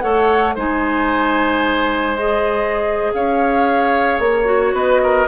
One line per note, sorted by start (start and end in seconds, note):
0.00 0.56 A3
0.00 0.55 A4
0.00 0.55 C#5
0.00 0.54 F#5
0.55 3.13 G#3
0.55 2.16 D#4
0.55 3.11 C5
0.55 2.17 G#5
2.16 4.45 G#4
2.16 3.12 D#5
3.13 4.19 C#4
3.13 4.74 C#5
3.13 4.20 F5
4.19 4.72 A#3
4.19 4.74 C#5
4.45 5.26 F#4
4.72 5.26 B3
4.72 5.01 B4
4.72 5.28 D#5
5.03 5.28 A#4